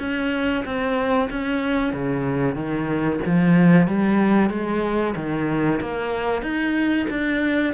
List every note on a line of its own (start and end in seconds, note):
0.00 0.65 C#4
0.65 1.30 C4
1.30 1.94 C#4
1.94 2.55 C#3
2.55 3.20 D#3
3.26 3.88 F3
3.88 4.50 G3
4.50 5.15 G#3
5.16 5.81 D#3
5.81 6.43 A#3
6.43 7.07 D#4
7.10 7.74 D4